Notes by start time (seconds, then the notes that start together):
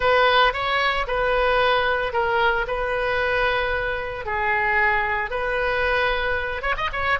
0.00 B4
0.53 C#5
1.07 B4
2.12 A#4
2.67 B4
4.25 G#4
5.30 B4
6.62 C#5
6.77 D#5
6.92 C#5